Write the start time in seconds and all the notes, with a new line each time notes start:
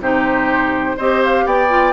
0.00 C3 D#4 G4 C5
0.97 C4 G4 C5 D#5
1.24 F5
1.46 B3 D5 G5
1.69 F4